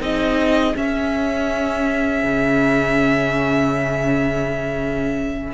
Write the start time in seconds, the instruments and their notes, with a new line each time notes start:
0.00 cello C4, viola D#4, violin G#4 D#5
0.75 viola C#4, cello C#4, violin E5
2.24 cello C#3